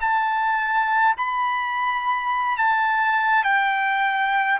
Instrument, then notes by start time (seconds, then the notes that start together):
trumpet
0.00 A5
1.17 B5
2.58 A5
3.44 G5